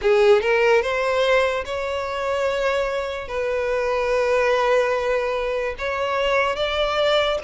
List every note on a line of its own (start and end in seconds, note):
0.01 0.41 G#4
0.41 0.82 A#4
0.82 1.64 C5
1.65 3.28 C#5
3.28 5.74 B4
5.78 6.56 C#5
6.56 7.38 D5